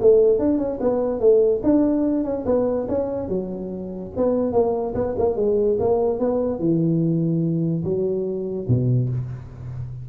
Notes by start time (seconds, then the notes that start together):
0.00 A3
0.38 D4
0.58 C#4
0.80 B3
1.19 A3
1.63 D4
2.24 C#4
2.45 B3
2.88 C#4
3.28 F#3
4.16 B3
4.52 A#3
4.94 B3
5.18 A#3
5.36 G#3
5.79 A#3
6.19 B3
6.59 E3
7.84 F#3
8.68 B2